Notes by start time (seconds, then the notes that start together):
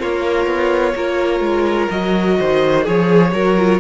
0.00 A#3 F4 A#4 C#5
0.47 B3
0.96 A#3 F4 A#4
1.40 G#3
1.91 F#3 F#4 D#5
2.39 D#3 C5
2.84 F3 G#4 C#5
3.33 F#3 F#4 A#4
3.59 F4